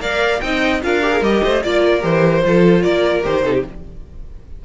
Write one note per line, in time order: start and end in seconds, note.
0.00 0.40 A#3
0.00 0.41 A#4
0.00 0.42 D5
0.00 0.41 F5
0.41 0.83 C4
0.41 0.82 D#4
0.41 0.83 D#5
0.41 0.81 G5
0.82 1.21 D4
0.82 1.02 F4
0.82 1.43 A#4
0.82 1.23 F5
1.02 1.11 G4
1.11 1.21 G#4
1.21 1.41 G3
1.21 1.63 G4
1.21 1.63 D#5
1.43 1.63 A3
1.43 1.63 C5
1.63 2.04 A#3
1.63 2.01 F4
1.63 1.83 D5
1.63 2.04 D5
1.84 2.44 A#4
2.01 2.44 E3
2.01 2.41 G4
2.01 2.82 C5
2.44 2.85 F3
2.44 3.23 F4
2.44 2.84 A4
2.82 3.25 A#3
2.82 3.44 A#4
2.82 3.22 D5
3.23 3.43 D#3
3.23 3.43 G4
3.23 3.65 C5
3.43 3.64 C3
3.43 3.65 D#4
3.43 3.54 A4
3.54 3.64 G4